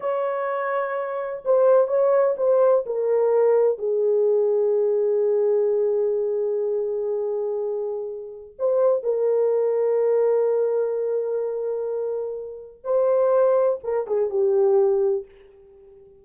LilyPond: \new Staff \with { instrumentName = "horn" } { \time 4/4 \tempo 4 = 126 cis''2. c''4 | cis''4 c''4 ais'2 | gis'1~ | gis'1~ |
gis'2 c''4 ais'4~ | ais'1~ | ais'2. c''4~ | c''4 ais'8 gis'8 g'2 | }